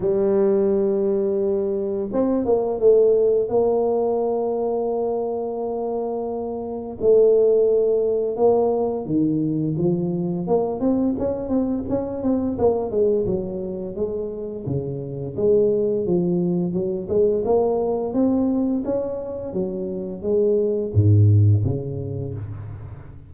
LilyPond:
\new Staff \with { instrumentName = "tuba" } { \time 4/4 \tempo 4 = 86 g2. c'8 ais8 | a4 ais2.~ | ais2 a2 | ais4 dis4 f4 ais8 c'8 |
cis'8 c'8 cis'8 c'8 ais8 gis8 fis4 | gis4 cis4 gis4 f4 | fis8 gis8 ais4 c'4 cis'4 | fis4 gis4 gis,4 cis4 | }